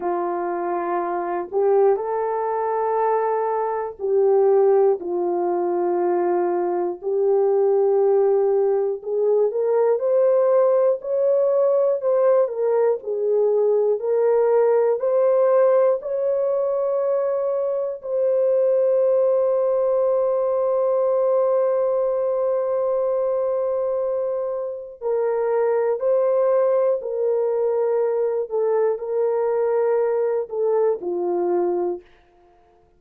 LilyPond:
\new Staff \with { instrumentName = "horn" } { \time 4/4 \tempo 4 = 60 f'4. g'8 a'2 | g'4 f'2 g'4~ | g'4 gis'8 ais'8 c''4 cis''4 | c''8 ais'8 gis'4 ais'4 c''4 |
cis''2 c''2~ | c''1~ | c''4 ais'4 c''4 ais'4~ | ais'8 a'8 ais'4. a'8 f'4 | }